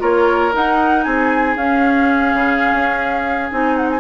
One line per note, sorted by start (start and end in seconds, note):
0.00 0.53 A#3
0.00 0.52 F4
0.00 1.05 A#4
0.00 0.54 C#5
0.54 1.57 D#4
0.54 1.06 D#4
0.54 1.04 F#5
1.04 1.56 C4
1.04 4.00 G#4
1.04 1.55 G#5
1.56 2.34 C#4
1.56 3.51 C#4
1.56 3.51 F5
2.34 2.73 C#3
2.73 3.51 C#4
3.51 4.00 C4
3.51 4.00 D#4
3.51 3.77 G#5
3.77 3.90 F#5
3.91 4.00 G#5